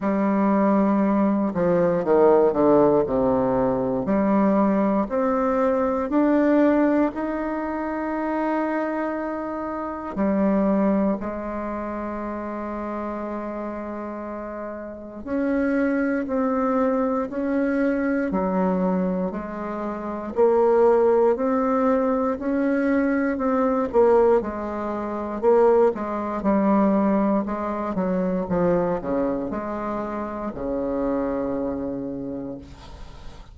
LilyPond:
\new Staff \with { instrumentName = "bassoon" } { \time 4/4 \tempo 4 = 59 g4. f8 dis8 d8 c4 | g4 c'4 d'4 dis'4~ | dis'2 g4 gis4~ | gis2. cis'4 |
c'4 cis'4 fis4 gis4 | ais4 c'4 cis'4 c'8 ais8 | gis4 ais8 gis8 g4 gis8 fis8 | f8 cis8 gis4 cis2 | }